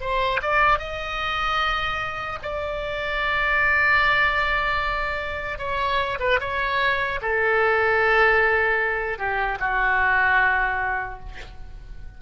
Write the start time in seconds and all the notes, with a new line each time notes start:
0.00 C5
0.41 D5
0.79 D#5
2.42 D5
5.58 C#5
6.19 B4
6.40 C#5
7.21 A4
9.18 G4
9.59 F#4